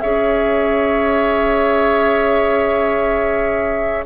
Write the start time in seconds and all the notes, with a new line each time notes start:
0.00 C#4 G#4 C#5 E5